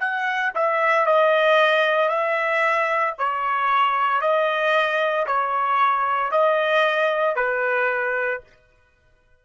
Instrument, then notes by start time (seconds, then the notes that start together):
trumpet
0.00 F#5
0.55 E5
1.07 D#5
2.09 E5
3.19 C#5
4.21 D#5
5.27 C#5
6.32 D#5
7.36 B4